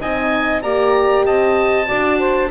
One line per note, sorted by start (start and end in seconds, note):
0.00 0.64 C4
0.00 0.63 D#4
0.00 0.62 D#5
0.00 0.62 G#5
0.62 1.26 A#3
0.62 1.86 G4
0.62 1.25 D5
0.62 1.26 A#5
1.25 1.89 C4
1.25 1.87 D#5
1.25 2.51 A5
1.86 2.51 D4
1.86 2.50 F#4
1.86 2.19 D5
2.19 2.50 C5